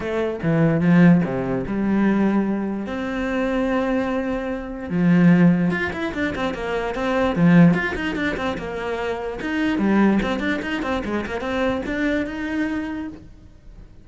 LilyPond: \new Staff \with { instrumentName = "cello" } { \time 4/4 \tempo 4 = 147 a4 e4 f4 c4 | g2. c'4~ | c'1 | f2 f'8 e'8 d'8 c'8 |
ais4 c'4 f4 f'8 dis'8 | d'8 c'8 ais2 dis'4 | g4 c'8 d'8 dis'8 c'8 gis8 ais8 | c'4 d'4 dis'2 | }